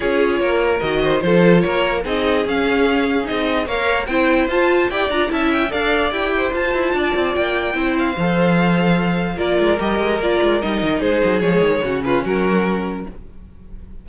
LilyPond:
<<
  \new Staff \with { instrumentName = "violin" } { \time 4/4 \tempo 4 = 147 cis''2 dis''4 c''4 | cis''4 dis''4 f''2 | dis''4 f''4 g''4 a''4 | g''8 ais''8 a''8 g''8 f''4 g''4 |
a''2 g''4. f''8~ | f''2. d''4 | dis''4 d''4 dis''4 c''4 | cis''4. b'8 ais'2 | }
  \new Staff \with { instrumentName = "violin" } { \time 4/4 gis'4 ais'4. c''8 a'4 | ais'4 gis'2.~ | gis'4 cis''4 c''2 | d''4 e''4 d''4. c''8~ |
c''4 d''2 c''4~ | c''2. ais'4~ | ais'2. gis'4~ | gis'4 fis'8 f'8 fis'2 | }
  \new Staff \with { instrumentName = "viola" } { \time 4/4 f'2 fis'4 f'4~ | f'4 dis'4 cis'2 | dis'4 ais'4 e'4 f'4 | g'8 f'8 e'4 a'4 g'4 |
f'2. e'4 | a'2. f'4 | g'4 f'4 dis'2 | gis4 cis'2. | }
  \new Staff \with { instrumentName = "cello" } { \time 4/4 cis'4 ais4 dis4 f4 | ais4 c'4 cis'2 | c'4 ais4 c'4 f'4 | e'8 d'8 cis'4 d'4 e'4 |
f'8 e'8 d'8 c'8 ais4 c'4 | f2. ais8 gis8 | g8 gis8 ais8 gis8 g8 dis8 gis8 fis8 | f8 dis8 cis4 fis2 | }
>>